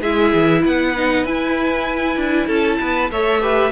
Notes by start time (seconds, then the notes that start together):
0.00 G#3 E4 G#4 E5
0.33 E3
0.62 B3 B4 F#5
0.96 D#4
1.23 E4 G#5
2.16 D4
2.47 C#4 A4 A5
2.80 B3 B4
3.10 A3 A4 C#5 E5
3.40 G4 B4